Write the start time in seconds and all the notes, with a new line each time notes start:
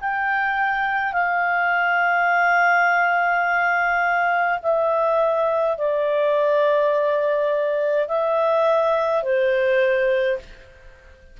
0.00 G5
1.13 F5
4.62 E5
5.77 D5
8.08 E5
9.23 C5